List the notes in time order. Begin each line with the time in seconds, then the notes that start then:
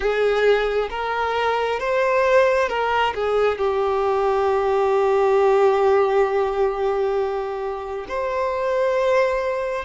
0.00 G#4
0.90 A#4
1.79 C5
2.69 A#4
3.14 G#4
3.58 G4
8.08 C5